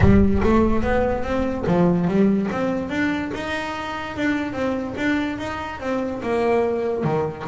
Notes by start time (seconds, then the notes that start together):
0.00 G3
0.43 A3
0.82 B3
1.23 C4
1.67 F3
2.07 G3
2.51 C4
2.89 D4
3.34 D#4
4.16 D4
4.53 C4
4.97 D4
5.38 D#4
5.80 C4
6.22 A#3
7.03 D#3